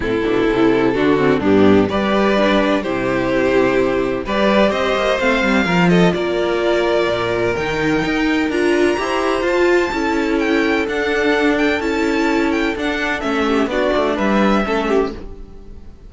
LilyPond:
<<
  \new Staff \with { instrumentName = "violin" } { \time 4/4 \tempo 4 = 127 a'2. g'4 | d''2 c''2~ | c''4 d''4 dis''4 f''4~ | f''8 dis''8 d''2. |
g''2 ais''2 | a''2 g''4 fis''4~ | fis''8 g''8 a''4. g''8 fis''4 | e''4 d''4 e''2 | }
  \new Staff \with { instrumentName = "violin" } { \time 4/4 e'2 fis'4 d'4 | b'2 g'2~ | g'4 b'4 c''2 | ais'8 a'8 ais'2.~ |
ais'2. c''4~ | c''4 a'2.~ | a'1~ | a'8 g'8 fis'4 b'4 a'8 g'8 | }
  \new Staff \with { instrumentName = "viola" } { \time 4/4 c'8 d'8 e'4 d'8 c'8 b4 | g'4 d'4 e'2~ | e'4 g'2 c'4 | f'1 |
dis'2 f'4 g'4 | f'4 e'2 d'4~ | d'4 e'2 d'4 | cis'4 d'2 cis'4 | }
  \new Staff \with { instrumentName = "cello" } { \time 4/4 a,8 b,8 c4 d4 g,4 | g2 c2~ | c4 g4 c'8 ais8 a8 g8 | f4 ais2 ais,4 |
dis4 dis'4 d'4 e'4 | f'4 cis'2 d'4~ | d'4 cis'2 d'4 | a4 b8 a8 g4 a4 | }
>>